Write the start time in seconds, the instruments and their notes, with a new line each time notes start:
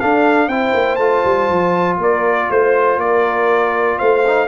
0.00 trombone D4, tuba D4, horn A4, trumpet F5
0.48 tuba C4, trombone E4, horn C5, trumpet G5
0.74 tuba A#3
0.96 tuba A3, trombone F4, trumpet A5
1.25 tuba G3
1.50 tuba F3
1.97 tuba A#3, horn A#4, trumpet D5
2.50 tuba A3, horn C5, trumpet C5
2.97 tuba A#3, horn A#4, trumpet D5
3.98 tuba A3, horn C5, trumpet F5
4.27 trombone D#4